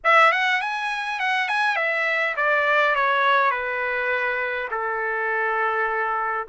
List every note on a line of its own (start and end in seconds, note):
0.03 0.32 E5
0.32 0.61 F#5
0.61 1.19 G#5
1.19 1.48 F#5
1.48 1.75 G#5
1.75 2.34 E5
2.36 2.95 D5
2.95 3.51 C#5
3.51 4.68 B4
4.70 6.47 A4